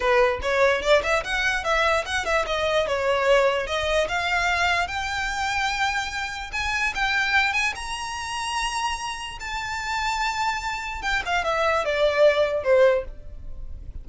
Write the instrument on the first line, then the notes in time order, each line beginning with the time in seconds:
violin
0.00 B4
0.42 C#5
0.82 D5
1.03 E5
1.24 F#5
1.63 E5
2.05 F#5
2.25 E5
2.46 D#5
2.87 C#5
3.66 D#5
4.08 F5
4.87 G5
6.52 G#5
6.94 G5
7.53 G#5
7.75 A#5
9.40 A5
11.02 G5
11.25 F5
11.44 E5
11.84 D5
12.63 C5